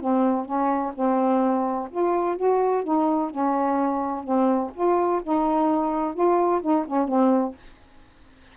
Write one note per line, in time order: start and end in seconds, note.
0.00 0.45 C4
0.45 0.92 C#4
0.94 1.89 C4
1.90 2.36 F4
2.36 2.83 F#4
2.83 3.30 D#4
3.30 4.23 C#4
4.23 4.71 C4
4.74 5.21 F4
5.23 6.14 D#4
6.14 6.61 F4
6.61 6.85 D#4
6.87 7.08 C#4
7.08 7.55 C4